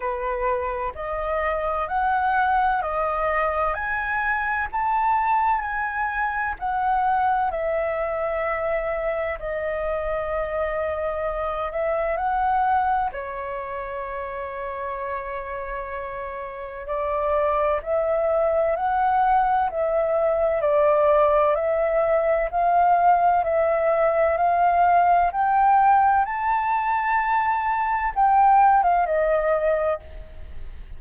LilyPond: \new Staff \with { instrumentName = "flute" } { \time 4/4 \tempo 4 = 64 b'4 dis''4 fis''4 dis''4 | gis''4 a''4 gis''4 fis''4 | e''2 dis''2~ | dis''8 e''8 fis''4 cis''2~ |
cis''2 d''4 e''4 | fis''4 e''4 d''4 e''4 | f''4 e''4 f''4 g''4 | a''2 g''8. f''16 dis''4 | }